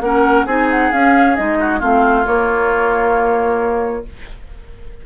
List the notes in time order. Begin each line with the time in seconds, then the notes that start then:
0.00 A#3 C#4 A#4 F#5
0.45 C4 D#4 G#4 G#5
0.70 F#5
0.92 C#4 F5
1.36 G#3 D#4 D#5
1.59 F#4
1.79 A3 C4 F4 F5
2.24 A#3 C#5